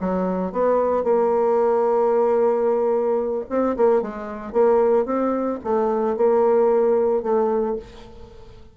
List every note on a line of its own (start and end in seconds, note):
0.00 0.52 F#3
0.52 1.04 B3
1.04 3.45 A#3
3.49 3.76 C4
3.76 4.02 A#3
4.02 4.53 G#3
4.53 5.05 A#3
5.05 5.59 C4
5.64 6.17 A3
6.17 7.23 A#3
7.23 7.76 A3